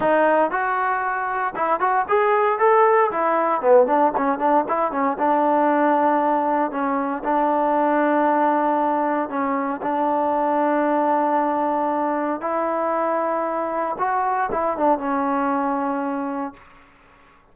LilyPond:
\new Staff \with { instrumentName = "trombone" } { \time 4/4 \tempo 4 = 116 dis'4 fis'2 e'8 fis'8 | gis'4 a'4 e'4 b8 d'8 | cis'8 d'8 e'8 cis'8 d'2~ | d'4 cis'4 d'2~ |
d'2 cis'4 d'4~ | d'1 | e'2. fis'4 | e'8 d'8 cis'2. | }